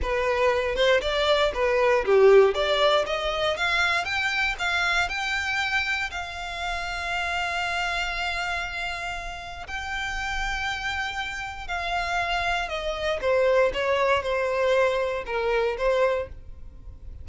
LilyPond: \new Staff \with { instrumentName = "violin" } { \time 4/4 \tempo 4 = 118 b'4. c''8 d''4 b'4 | g'4 d''4 dis''4 f''4 | g''4 f''4 g''2 | f''1~ |
f''2. g''4~ | g''2. f''4~ | f''4 dis''4 c''4 cis''4 | c''2 ais'4 c''4 | }